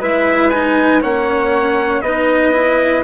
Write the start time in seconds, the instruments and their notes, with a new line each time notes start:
0.00 bassoon G#3, cello E4, flute B4, trumpet E5
0.50 cello D#4, trumpet G#5
1.01 bassoon A#3, cello C#4, flute C#5, trumpet F#5
2.01 bassoon B3, cello D#4, flute B4, trumpet D#5
2.52 cello E4